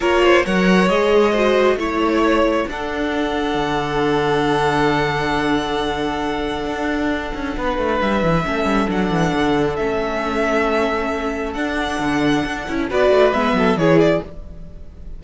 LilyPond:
<<
  \new Staff \with { instrumentName = "violin" } { \time 4/4 \tempo 4 = 135 cis''4 fis''4 dis''2 | cis''2 fis''2~ | fis''1~ | fis''1~ |
fis''2 e''2 | fis''2 e''2~ | e''2 fis''2~ | fis''4 d''4 e''4 cis''8 d''8 | }
  \new Staff \with { instrumentName = "violin" } { \time 4/4 ais'8 c''8 cis''2 c''4 | cis''2 a'2~ | a'1~ | a'1~ |
a'4 b'2 a'4~ | a'1~ | a'1~ | a'4 b'4. a'8 gis'4 | }
  \new Staff \with { instrumentName = "viola" } { \time 4/4 f'4 ais'4 gis'4 fis'4 | e'2 d'2~ | d'1~ | d'1~ |
d'2. cis'4 | d'2 cis'2~ | cis'2 d'2~ | d'8 e'8 fis'4 b4 e'4 | }
  \new Staff \with { instrumentName = "cello" } { \time 4/4 ais4 fis4 gis2 | a2 d'2 | d1~ | d2. d'4~ |
d'8 cis'8 b8 a8 g8 e8 a8 g8 | fis8 e8 d4 a2~ | a2 d'4 d4 | d'8 cis'8 b8 a8 gis8 fis8 e4 | }
>>